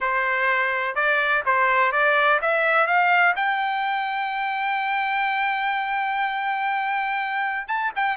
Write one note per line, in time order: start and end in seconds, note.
0.00 0.95 C5
0.95 1.43 D5
1.45 1.92 C5
1.92 2.40 D5
2.41 2.86 E5
2.86 3.34 F5
3.36 7.67 G5
7.67 7.91 A5
7.95 8.17 G5